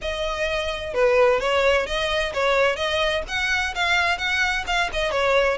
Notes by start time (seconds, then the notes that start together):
0.01 D#5
0.93 B4
1.40 C#5
1.86 D#5
2.33 C#5
2.76 D#5
3.27 F#5
3.74 F5
4.18 F#5
4.66 F5
4.92 D#5
5.11 C#5